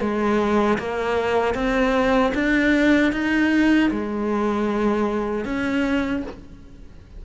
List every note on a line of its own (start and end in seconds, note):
0.00 0.78 G#3
0.78 1.54 A#3
1.54 2.32 C4
2.34 3.12 D4
3.12 3.90 D#4
3.91 5.44 G#3
5.44 6.22 C#4